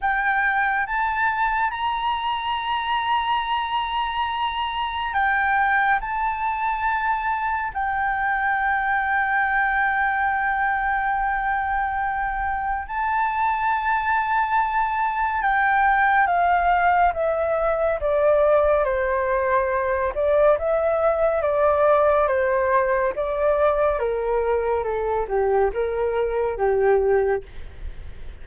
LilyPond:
\new Staff \with { instrumentName = "flute" } { \time 4/4 \tempo 4 = 70 g''4 a''4 ais''2~ | ais''2 g''4 a''4~ | a''4 g''2.~ | g''2. a''4~ |
a''2 g''4 f''4 | e''4 d''4 c''4. d''8 | e''4 d''4 c''4 d''4 | ais'4 a'8 g'8 ais'4 g'4 | }